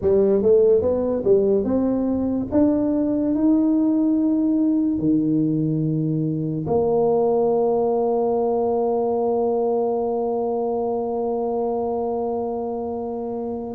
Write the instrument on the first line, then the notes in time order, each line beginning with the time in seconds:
tuba
0.01 G3
0.42 A3
0.81 B3
1.24 G3
1.64 C4
2.52 D4
3.34 D#4
4.98 D#3
6.67 A#3